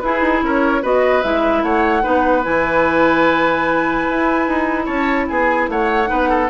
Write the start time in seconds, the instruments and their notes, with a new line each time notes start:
0.00 bassoon E4, clarinet E4, oboe G#4, flute B4
0.21 bassoon D#4
0.43 bassoon C#4, oboe A#4, flute C#5
0.82 bassoon B3, clarinet F#4, oboe B4, flute D#5
1.23 bassoon G#3, clarinet E4, flute E5
1.63 bassoon A3, oboe C#5, flute F#5
2.02 bassoon B3, clarinet D#4, oboe B4
2.43 bassoon E3, clarinet E4, flute G#5
4.09 bassoon E4
4.48 bassoon D#4
4.86 bassoon C#4, oboe C#5, flute A5
5.28 bassoon B3, oboe G#4, flute G#5
5.69 bassoon A3, oboe C#5, flute F#5
6.07 bassoon B3, clarinet D#4, oboe B4
6.30 oboe A4